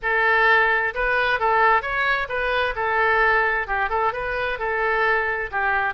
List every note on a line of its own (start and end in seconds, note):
0.02 0.93 A4
0.94 1.39 B4
1.39 1.82 A4
1.82 2.27 C#5
2.28 2.74 B4
2.75 3.67 A4
3.67 3.89 G4
3.89 4.12 A4
4.12 4.58 B4
4.58 5.50 A4
5.51 5.93 G4